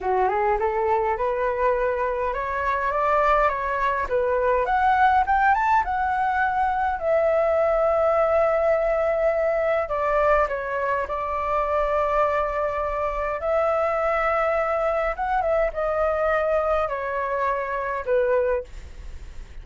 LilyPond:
\new Staff \with { instrumentName = "flute" } { \time 4/4 \tempo 4 = 103 fis'8 gis'8 a'4 b'2 | cis''4 d''4 cis''4 b'4 | fis''4 g''8 a''8 fis''2 | e''1~ |
e''4 d''4 cis''4 d''4~ | d''2. e''4~ | e''2 fis''8 e''8 dis''4~ | dis''4 cis''2 b'4 | }